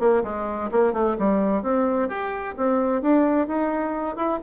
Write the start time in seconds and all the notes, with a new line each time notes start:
0.00 A#3
0.24 G#3
0.71 A#3
0.93 A3
1.19 G3
1.63 C4
2.09 G4
2.57 C4
3.02 D4
3.48 D#4
4.16 E4